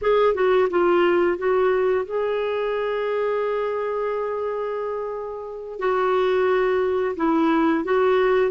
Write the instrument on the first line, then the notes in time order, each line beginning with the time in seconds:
clarinet
0.01 G#4
0.34 F#4
0.70 F4
1.38 F#4
2.05 G#4
5.79 F#4
7.16 E4
7.84 F#4